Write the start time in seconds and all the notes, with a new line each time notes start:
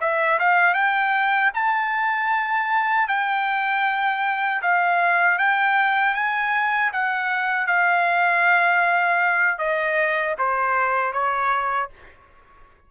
0.00 E5
0.39 F5
0.74 G5
1.53 A5
3.07 G5
4.62 F5
5.38 G5
6.14 G#5
6.92 F#5
7.67 F5
9.58 D#5
10.38 C5
11.13 C#5